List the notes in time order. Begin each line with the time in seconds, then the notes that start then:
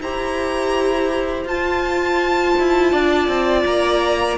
0.00 E4 G4 C5 A#5
1.45 F4 A5
2.59 E4
2.92 D4 D5
3.28 C4
3.65 A#3 A#5